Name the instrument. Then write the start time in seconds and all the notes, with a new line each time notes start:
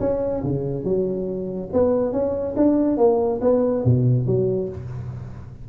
tuba
0.00 C#4
0.43 C#3
0.84 F#3
1.73 B3
2.12 C#4
2.56 D4
2.97 A#3
3.41 B3
3.85 B2
4.26 F#3